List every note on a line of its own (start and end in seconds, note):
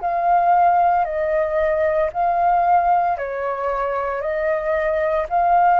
0.00 1.04 F5
1.04 2.10 D#5
2.12 3.17 F5
3.17 4.21 C#5
4.21 5.26 D#5
5.29 5.79 F5